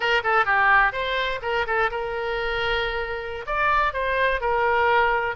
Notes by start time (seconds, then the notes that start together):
0.00 A#4
0.23 A4
0.45 G4
0.92 C5
1.42 A#4
1.66 A4
1.90 A#4
3.46 D5
3.93 C5
4.40 A#4